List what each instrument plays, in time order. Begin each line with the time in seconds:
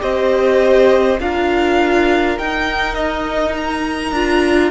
0.00 cello C4, viola G4, violin C5 D#5
1.19 cello D4, viola F4, violin A#4 F5
2.38 viola D#4, cello D#4, violin G5
2.94 violin D#5
3.57 violin A#5
4.11 cello D4, viola F4